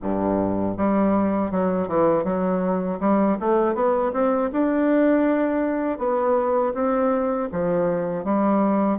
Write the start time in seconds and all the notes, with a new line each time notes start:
0.02 G2
0.77 G3
1.51 F#3
1.88 E3
2.24 F#3
3.00 G3
3.40 A3
3.74 B3
4.12 C4
4.52 D4
5.98 B3
6.73 C4
7.52 F3
8.24 G3